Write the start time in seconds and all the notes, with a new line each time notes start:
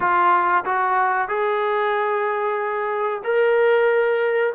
0.00 F4
0.64 F#4
1.28 G#4
3.24 A#4